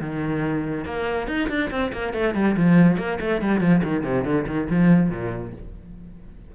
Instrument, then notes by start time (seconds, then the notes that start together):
cello
0.00 D#3
0.85 A#3
1.27 D#4
1.49 D4
1.70 C4
1.92 A#3
2.13 A3
2.34 G3
2.56 F3
2.97 A#3
3.20 A3
3.41 G3
3.61 F3
3.83 D#3
4.03 C3
4.24 D3
4.47 D#3
4.70 F3
5.10 A#2